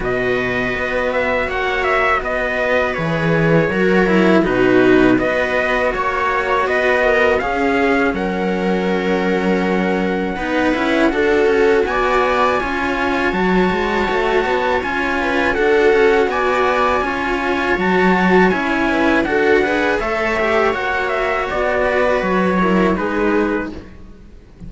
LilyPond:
<<
  \new Staff \with { instrumentName = "trumpet" } { \time 4/4 \tempo 4 = 81 dis''4. e''8 fis''8 e''8 dis''4 | cis''2 b'4 dis''4 | cis''4 dis''4 f''4 fis''4~ | fis''1 |
gis''2 a''2 | gis''4 fis''4 gis''2 | a''4 gis''4 fis''4 e''4 | fis''8 e''8 d''4 cis''4 b'4 | }
  \new Staff \with { instrumentName = "viola" } { \time 4/4 b'2 cis''4 b'4~ | b'4 ais'4 fis'4 b'4 | cis''4 b'8 ais'8 gis'4 ais'4~ | ais'2 b'4 a'4 |
d''4 cis''2.~ | cis''8 b'8 a'4 d''4 cis''4~ | cis''4. b'8 a'8 b'8 cis''4~ | cis''4. b'4 ais'8 gis'4 | }
  \new Staff \with { instrumentName = "cello" } { \time 4/4 fis'1 | gis'4 fis'8 e'8 dis'4 fis'4~ | fis'2 cis'2~ | cis'2 dis'8 e'8 fis'4~ |
fis'4 f'4 fis'2 | f'4 fis'2 f'4 | fis'4 e'4 fis'8 gis'8 a'8 g'8 | fis'2~ fis'8 e'8 dis'4 | }
  \new Staff \with { instrumentName = "cello" } { \time 4/4 b,4 b4 ais4 b4 | e4 fis4 b,4 b4 | ais4 b4 cis'4 fis4~ | fis2 b8 cis'8 d'8 cis'8 |
b4 cis'4 fis8 gis8 a8 b8 | cis'4 d'8 cis'8 b4 cis'4 | fis4 cis'4 d'4 a4 | ais4 b4 fis4 gis4 | }
>>